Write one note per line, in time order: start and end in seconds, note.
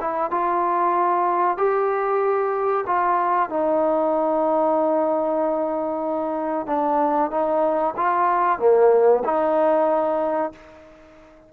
0.00 0.30 E4
0.30 1.57 F4
1.57 2.85 G4
2.86 3.49 F4
3.49 6.66 D#4
6.66 7.30 D4
7.30 7.94 D#4
7.96 8.59 F4
8.59 9.23 A#3
9.24 10.52 D#4